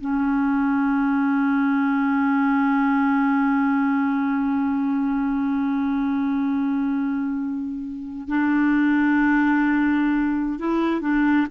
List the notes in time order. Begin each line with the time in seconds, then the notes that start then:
0.00 C#4
8.28 D4
10.59 E4
11.01 D4